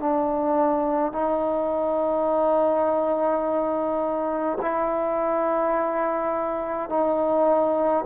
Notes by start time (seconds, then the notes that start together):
0.00 D4
1.12 D#4
4.62 E4
6.90 D#4